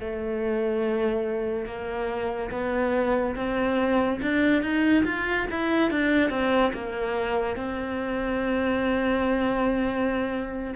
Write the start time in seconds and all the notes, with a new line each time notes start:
0.00 A3
1.66 A#3
2.51 B3
3.36 C4
4.22 D4
4.62 D#4
5.05 F4
5.51 E4
5.91 D4
6.30 C4
6.73 A#3
7.56 C4